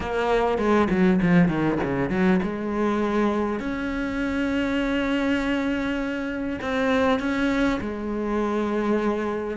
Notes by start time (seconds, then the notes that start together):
0.00 A#3
0.58 G#3
0.90 F#3
1.22 F3
1.48 D#3
1.83 C#3
2.10 F#3
2.42 G#3
3.59 C#4
6.61 C4
7.19 C#4
7.80 G#3